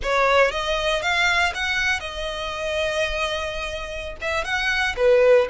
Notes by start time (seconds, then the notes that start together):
0.02 C#5
0.51 D#5
1.02 F5
1.54 F#5
2.00 D#5
4.21 E5
4.44 F#5
4.96 B4